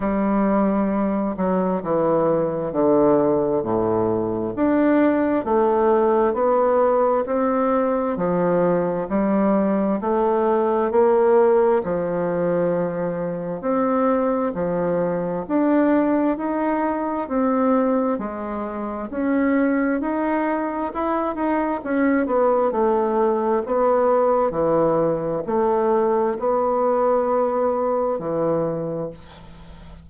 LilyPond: \new Staff \with { instrumentName = "bassoon" } { \time 4/4 \tempo 4 = 66 g4. fis8 e4 d4 | a,4 d'4 a4 b4 | c'4 f4 g4 a4 | ais4 f2 c'4 |
f4 d'4 dis'4 c'4 | gis4 cis'4 dis'4 e'8 dis'8 | cis'8 b8 a4 b4 e4 | a4 b2 e4 | }